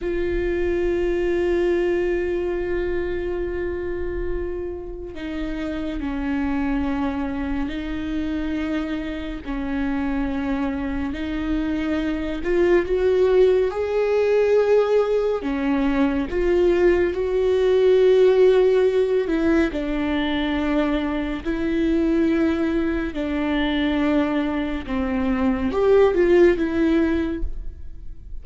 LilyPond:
\new Staff \with { instrumentName = "viola" } { \time 4/4 \tempo 4 = 70 f'1~ | f'2 dis'4 cis'4~ | cis'4 dis'2 cis'4~ | cis'4 dis'4. f'8 fis'4 |
gis'2 cis'4 f'4 | fis'2~ fis'8 e'8 d'4~ | d'4 e'2 d'4~ | d'4 c'4 g'8 f'8 e'4 | }